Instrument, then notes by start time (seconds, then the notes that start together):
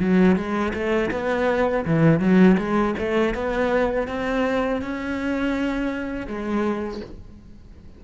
cello
0.00 F#3
0.36 G#3
0.74 A3
1.11 B3
1.86 E3
2.20 F#3
2.58 G#3
2.99 A3
3.35 B3
4.08 C4
4.82 C#4
6.27 G#3